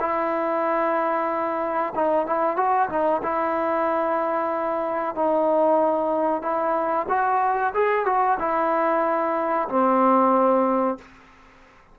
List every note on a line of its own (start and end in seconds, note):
0.00 1.94 E4
1.95 2.26 D#4
2.26 2.56 E4
2.56 2.89 F#4
2.89 3.21 D#4
3.23 5.15 E4
5.15 6.42 D#4
6.42 7.06 E4
7.09 7.73 F#4
7.74 8.06 G#4
8.06 8.38 F#4
8.39 9.68 E4
9.69 10.98 C4